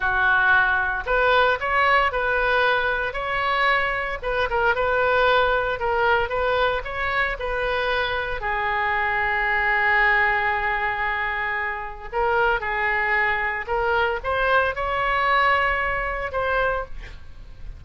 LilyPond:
\new Staff \with { instrumentName = "oboe" } { \time 4/4 \tempo 4 = 114 fis'2 b'4 cis''4 | b'2 cis''2 | b'8 ais'8 b'2 ais'4 | b'4 cis''4 b'2 |
gis'1~ | gis'2. ais'4 | gis'2 ais'4 c''4 | cis''2. c''4 | }